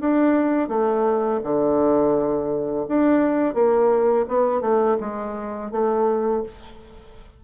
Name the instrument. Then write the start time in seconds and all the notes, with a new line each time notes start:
bassoon
0.00 D4
0.69 A3
1.43 D3
2.88 D4
3.54 A#3
4.28 B3
4.61 A3
5.00 G#3
5.71 A3